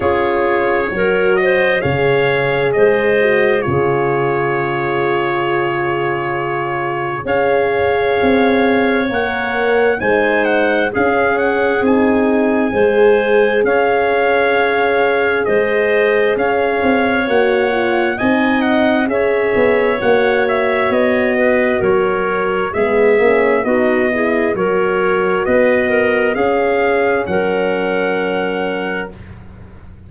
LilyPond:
<<
  \new Staff \with { instrumentName = "trumpet" } { \time 4/4 \tempo 4 = 66 cis''4. dis''8 f''4 dis''4 | cis''1 | f''2 fis''4 gis''8 fis''8 | f''8 fis''8 gis''2 f''4~ |
f''4 dis''4 f''4 fis''4 | gis''8 fis''8 e''4 fis''8 e''8 dis''4 | cis''4 e''4 dis''4 cis''4 | dis''4 f''4 fis''2 | }
  \new Staff \with { instrumentName = "clarinet" } { \time 4/4 gis'4 ais'8 c''8 cis''4 c''4 | gis'1 | cis''2. c''4 | gis'2 c''4 cis''4~ |
cis''4 c''4 cis''2 | dis''4 cis''2~ cis''8 b'8 | ais'4 gis'4 fis'8 gis'8 ais'4 | b'8 ais'8 gis'4 ais'2 | }
  \new Staff \with { instrumentName = "horn" } { \time 4/4 f'4 fis'4 gis'4. fis'8 | f'1 | gis'2 ais'4 dis'4 | cis'4 dis'4 gis'2~ |
gis'2. fis'8 f'8 | dis'4 gis'4 fis'2~ | fis'4 b8 cis'8 dis'8 e'8 fis'4~ | fis'4 cis'2. | }
  \new Staff \with { instrumentName = "tuba" } { \time 4/4 cis'4 fis4 cis4 gis4 | cis1 | cis'4 c'4 ais4 gis4 | cis'4 c'4 gis4 cis'4~ |
cis'4 gis4 cis'8 c'8 ais4 | c'4 cis'8 b8 ais4 b4 | fis4 gis8 ais8 b4 fis4 | b4 cis'4 fis2 | }
>>